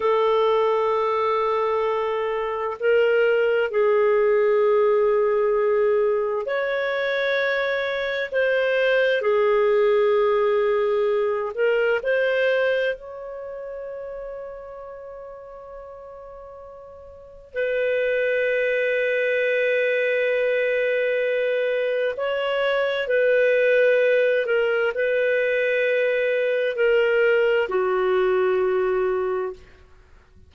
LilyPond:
\new Staff \with { instrumentName = "clarinet" } { \time 4/4 \tempo 4 = 65 a'2. ais'4 | gis'2. cis''4~ | cis''4 c''4 gis'2~ | gis'8 ais'8 c''4 cis''2~ |
cis''2. b'4~ | b'1 | cis''4 b'4. ais'8 b'4~ | b'4 ais'4 fis'2 | }